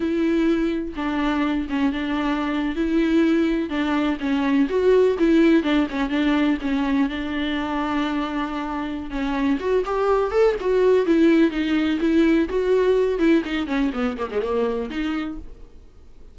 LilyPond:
\new Staff \with { instrumentName = "viola" } { \time 4/4 \tempo 4 = 125 e'2 d'4. cis'8 | d'4.~ d'16 e'2 d'16~ | d'8. cis'4 fis'4 e'4 d'16~ | d'16 cis'8 d'4 cis'4 d'4~ d'16~ |
d'2. cis'4 | fis'8 g'4 a'8 fis'4 e'4 | dis'4 e'4 fis'4. e'8 | dis'8 cis'8 b8 ais16 gis16 ais4 dis'4 | }